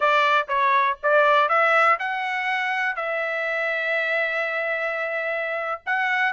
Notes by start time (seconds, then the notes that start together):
0.00 D5
0.47 C#5
1.03 D5
1.48 E5
1.99 F#5
2.96 E5
5.86 F#5